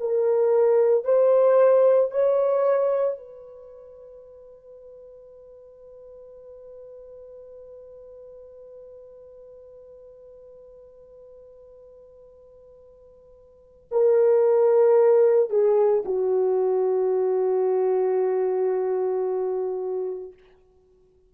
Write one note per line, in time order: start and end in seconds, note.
0.00 1.04 A#4
1.04 2.11 C5
2.11 3.18 C#5
3.18 13.89 B4
13.91 15.50 A#4
15.50 16.04 G#4
16.05 20.33 F#4